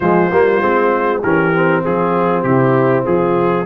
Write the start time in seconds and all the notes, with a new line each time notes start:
0.00 F3 G#3 F4 C5
0.31 G3 A#3
0.61 G#3 C4
1.20 E3 C#4 G4 A#4
1.53 C4
1.84 F3 F4 G#4
2.42 C3 E4 G4
3.04 F3 F4 G#4